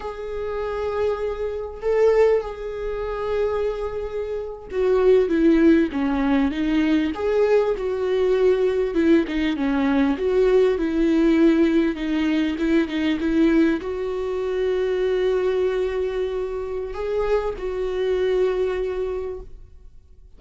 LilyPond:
\new Staff \with { instrumentName = "viola" } { \time 4/4 \tempo 4 = 99 gis'2. a'4 | gis'2.~ gis'8. fis'16~ | fis'8. e'4 cis'4 dis'4 gis'16~ | gis'8. fis'2 e'8 dis'8 cis'16~ |
cis'8. fis'4 e'2 dis'16~ | dis'8. e'8 dis'8 e'4 fis'4~ fis'16~ | fis'1 | gis'4 fis'2. | }